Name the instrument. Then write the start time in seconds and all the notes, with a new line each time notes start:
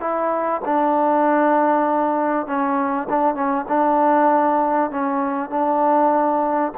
trombone
0.00 E4
0.65 D4
2.47 C#4
3.09 D4
3.34 C#4
3.68 D4
4.90 C#4
5.49 D4